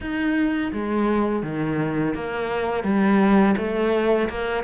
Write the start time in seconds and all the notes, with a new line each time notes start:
0.00 D#4
0.72 G#3
1.43 D#3
2.14 A#3
2.83 G3
3.57 A3
4.29 A#3